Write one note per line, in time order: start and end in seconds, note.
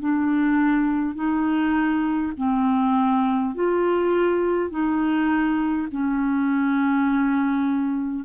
0.00 1.16 D4
1.16 2.33 D#4
2.37 3.55 C4
3.55 4.70 F4
4.70 5.88 D#4
5.91 8.25 C#4